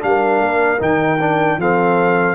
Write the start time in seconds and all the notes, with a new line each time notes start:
0.00 G3 D4 F5
0.07 A#4
0.41 A#3
0.79 D#3 D#4 G5
1.21 D4
1.57 F3 C4 A4 F5